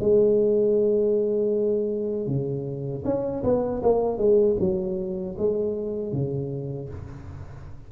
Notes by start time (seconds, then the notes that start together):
0.00 G#3
2.27 C#3
3.05 C#4
3.43 B3
3.83 A#3
4.18 G#3
4.59 F#3
5.38 G#3
6.12 C#3